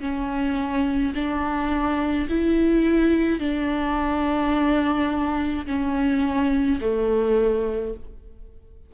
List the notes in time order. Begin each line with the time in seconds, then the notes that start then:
0.00 C#4
1.15 D4
2.29 E4
3.40 D4
5.67 C#4
6.81 A3